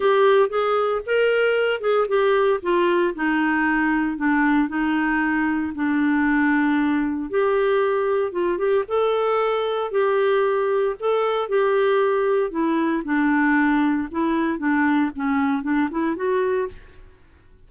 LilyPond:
\new Staff \with { instrumentName = "clarinet" } { \time 4/4 \tempo 4 = 115 g'4 gis'4 ais'4. gis'8 | g'4 f'4 dis'2 | d'4 dis'2 d'4~ | d'2 g'2 |
f'8 g'8 a'2 g'4~ | g'4 a'4 g'2 | e'4 d'2 e'4 | d'4 cis'4 d'8 e'8 fis'4 | }